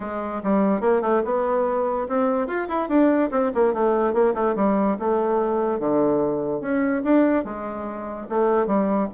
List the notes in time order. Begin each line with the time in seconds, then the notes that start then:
0.00 G#3
0.43 G3
0.81 A#3
1.01 A3
1.25 B3
2.08 C4
2.47 F4
2.68 E4
2.88 D4
3.31 C4
3.54 A#3
3.73 A3
4.13 A#3
4.34 A3
4.55 G3
4.99 A3
5.79 D3
6.60 C#4
7.03 D4
7.44 G#3
8.29 A3
8.67 G3